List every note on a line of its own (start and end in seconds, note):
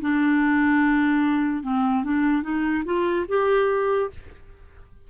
0.00 1.63 D4
1.63 2.04 C4
2.04 2.42 D4
2.42 2.83 D#4
2.84 3.25 F4
3.28 4.10 G4